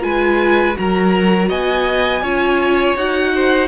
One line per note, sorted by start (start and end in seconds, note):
0.00 0.77 G#3
0.00 0.73 F4
0.00 0.79 B4
0.00 0.77 G#5
0.76 1.50 F#3
0.76 2.22 F#4
0.76 1.49 A#4
0.76 1.51 A#5
1.49 2.22 B3
1.49 2.22 D#5
1.49 2.97 G#5
2.22 2.95 C#4
2.22 2.97 F4
2.22 3.32 C#5
2.96 3.68 D#4
2.96 3.68 F#4
2.96 3.68 F#5
3.35 3.68 C5